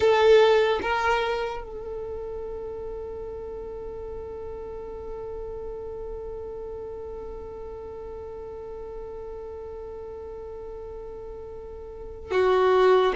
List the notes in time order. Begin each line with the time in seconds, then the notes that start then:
0.00 A4
0.81 A#4
1.63 A4
12.31 F#4